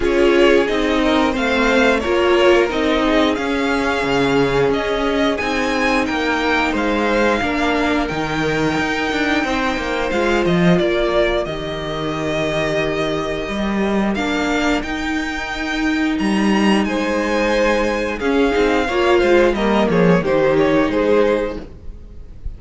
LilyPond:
<<
  \new Staff \with { instrumentName = "violin" } { \time 4/4 \tempo 4 = 89 cis''4 dis''4 f''4 cis''4 | dis''4 f''2 dis''4 | gis''4 g''4 f''2 | g''2. f''8 dis''8 |
d''4 dis''2.~ | dis''4 f''4 g''2 | ais''4 gis''2 f''4~ | f''4 dis''8 cis''8 c''8 cis''8 c''4 | }
  \new Staff \with { instrumentName = "violin" } { \time 4/4 gis'4. ais'8 c''4 ais'4~ | ais'8 gis'2.~ gis'8~ | gis'4 ais'4 c''4 ais'4~ | ais'2 c''2 |
ais'1~ | ais'1~ | ais'4 c''2 gis'4 | cis''8 c''8 ais'8 gis'8 g'4 gis'4 | }
  \new Staff \with { instrumentName = "viola" } { \time 4/4 f'4 dis'4 c'4 f'4 | dis'4 cis'2. | dis'2. d'4 | dis'2. f'4~ |
f'4 g'2.~ | g'4 d'4 dis'2~ | dis'2. cis'8 dis'8 | f'4 ais4 dis'2 | }
  \new Staff \with { instrumentName = "cello" } { \time 4/4 cis'4 c'4 a4 ais4 | c'4 cis'4 cis4 cis'4 | c'4 ais4 gis4 ais4 | dis4 dis'8 d'8 c'8 ais8 gis8 f8 |
ais4 dis2. | g4 ais4 dis'2 | g4 gis2 cis'8 c'8 | ais8 gis8 g8 f8 dis4 gis4 | }
>>